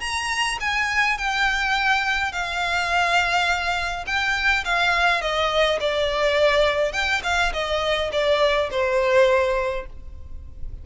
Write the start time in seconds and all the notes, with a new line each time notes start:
0.00 A#5
0.60 G#5
1.17 G5
2.32 F5
4.06 G5
4.64 F5
5.21 D#5
5.80 D5
6.92 G5
7.23 F5
7.52 D#5
8.12 D5
8.71 C5